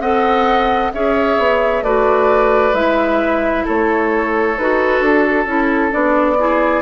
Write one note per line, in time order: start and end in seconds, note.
0.00 0.91 C4
0.00 0.93 A4
0.00 0.92 D#5
0.00 0.92 F#5
0.93 1.38 C#4
0.93 1.85 G#4
0.93 1.84 C#5
0.93 1.84 E5
1.38 1.82 B3
1.82 2.73 A3
1.82 2.74 F#4
1.82 3.65 B4
1.82 2.75 D5
2.73 3.64 G#3
2.73 4.56 E4
2.73 3.66 E5
3.65 4.58 A3
3.65 6.38 A4
3.65 4.58 C#5
4.58 5.01 D#4
4.58 5.47 F#4
4.58 5.04 B4
5.01 5.46 D4
5.01 5.93 A4
5.46 5.91 C#4
5.46 5.91 E4
5.91 6.82 B3
5.91 6.36 D4
5.91 6.82 D5
6.39 6.82 E4
6.39 6.82 G#4